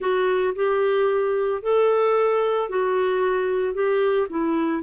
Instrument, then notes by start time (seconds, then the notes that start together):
clarinet
0.00 F#4
0.55 G4
1.62 A4
2.69 F#4
3.74 G4
4.29 E4